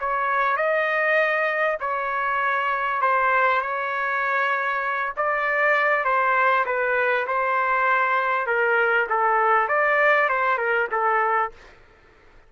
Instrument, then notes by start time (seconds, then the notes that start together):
trumpet
0.00 C#5
0.57 D#5
1.80 C#5
3.02 C5
3.61 C#5
5.17 D5
6.05 C5
6.66 B4
7.27 C5
8.47 A#4
9.10 A4
9.68 D5
10.29 C5
10.58 A#4
10.91 A4